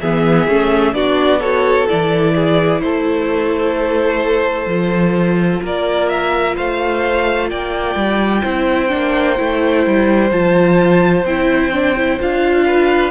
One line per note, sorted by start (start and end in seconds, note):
0.00 0.47 E3
0.00 0.48 B3
0.00 0.95 G#4
0.00 0.93 E5
0.47 0.93 A3
0.47 0.94 C#4
0.93 1.86 B3
0.93 1.41 D4
0.93 1.40 F#4
0.93 1.40 D5
1.40 1.88 F#4
1.40 2.33 A4
1.40 1.87 C#5
1.88 2.82 E3
1.88 4.69 E4
1.88 2.81 D5
2.34 2.81 G#4
2.81 4.66 A3
2.81 5.63 A4
2.81 5.62 C5
4.66 5.60 F3
4.66 8.44 F4
5.63 6.57 A#3
5.63 6.55 A#4
5.63 6.09 D5
6.09 6.55 E5
6.55 7.51 A3
6.55 7.49 C5
6.55 7.50 F5
7.50 7.95 A#3
7.50 8.43 D5
7.50 10.31 G5
7.95 8.42 G3
8.43 8.92 C4
8.43 8.88 E4
8.43 12.64 C5
8.88 9.39 A#3
8.88 9.35 D4
9.36 9.86 A3
9.36 10.30 E4
9.86 10.31 G3
10.31 11.24 F3
10.31 11.25 F4
10.31 11.25 A5
11.24 12.18 C4
11.24 11.72 E4
11.24 12.19 G5
11.72 11.96 D4
11.96 12.20 E4
12.20 13.11 D4
12.20 13.11 F4
12.20 13.11 F5
12.66 13.11 B4